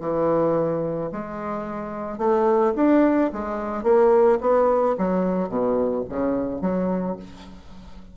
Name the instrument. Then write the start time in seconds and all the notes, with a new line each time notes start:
bassoon
0.00 E3
1.12 G#3
2.18 A3
2.76 D4
3.33 G#3
3.83 A#3
4.41 B3
4.98 F#3
5.49 B2
6.09 C#3
6.61 F#3